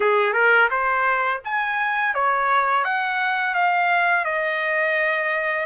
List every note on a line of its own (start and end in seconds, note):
0.00 0.33 G#4
0.33 0.68 A#4
0.70 1.41 C5
1.44 2.14 G#5
2.14 2.84 C#5
2.84 3.54 F#5
3.54 4.24 F5
4.24 5.66 D#5